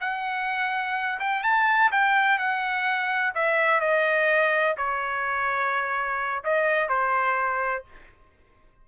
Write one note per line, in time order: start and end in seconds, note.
0.00 1.19 F#5
1.19 1.43 G5
1.43 1.91 A5
1.92 2.38 G5
2.38 3.34 F#5
3.35 3.80 E5
3.80 4.75 D#5
4.77 6.44 C#5
6.44 6.89 D#5
6.89 7.84 C5